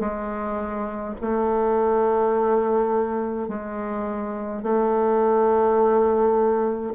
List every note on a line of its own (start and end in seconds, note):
0.00 1.15 G#3
1.21 3.48 A3
3.48 4.63 G#3
4.63 6.93 A3